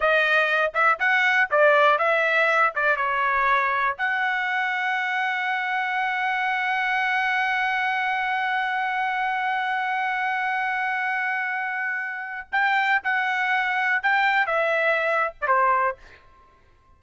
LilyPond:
\new Staff \with { instrumentName = "trumpet" } { \time 4/4 \tempo 4 = 120 dis''4. e''8 fis''4 d''4 | e''4. d''8 cis''2 | fis''1~ | fis''1~ |
fis''1~ | fis''1~ | fis''4 g''4 fis''2 | g''4 e''4.~ e''16 d''16 c''4 | }